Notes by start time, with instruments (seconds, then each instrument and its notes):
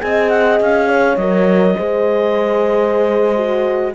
0.00 cello C4, horn G#4 D#5, clarinet G#5
0.29 clarinet F#5
0.60 cello C#4, clarinet F5
0.89 horn C#5
1.17 cello F#3, horn A#4, clarinet D#5
1.77 cello G#3, horn G#4 C5
3.36 horn F#4